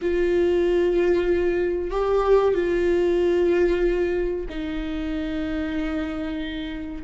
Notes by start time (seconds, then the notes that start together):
0.01 F4
1.90 G4
2.54 F4
4.49 D#4